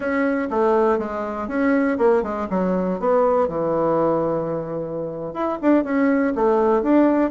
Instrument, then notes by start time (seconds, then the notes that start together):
bassoon
0.00 C#4
0.50 A3
0.98 G#3
1.47 C#4
1.97 A#3
2.22 G#3
2.50 F#3
2.99 B3
3.48 E3
5.33 E4
5.61 D4
5.84 C#4
6.35 A3
6.82 D4